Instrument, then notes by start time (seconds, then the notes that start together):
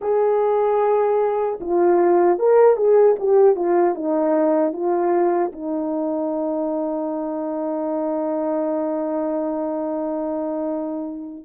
horn
0.01 G#4
1.60 F4
2.39 A#4
2.76 G#4
3.19 G4
3.55 F4
3.94 D#4
4.72 F4
5.52 D#4